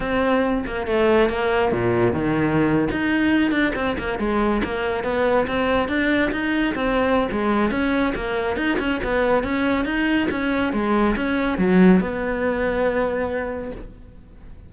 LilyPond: \new Staff \with { instrumentName = "cello" } { \time 4/4 \tempo 4 = 140 c'4. ais8 a4 ais4 | ais,4 dis4.~ dis16 dis'4~ dis'16~ | dis'16 d'8 c'8 ais8 gis4 ais4 b16~ | b8. c'4 d'4 dis'4 c'16~ |
c'4 gis4 cis'4 ais4 | dis'8 cis'8 b4 cis'4 dis'4 | cis'4 gis4 cis'4 fis4 | b1 | }